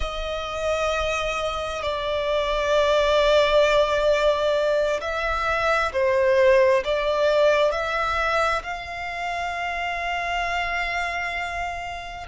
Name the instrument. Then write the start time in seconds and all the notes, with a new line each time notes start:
violin
0.00 D#5
1.82 D5
5.00 E5
5.92 C5
6.84 D5
7.71 E5
8.63 F5